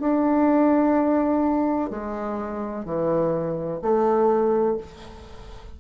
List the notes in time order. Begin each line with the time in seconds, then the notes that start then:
0.00 D4
1.90 G#3
2.85 E3
3.82 A3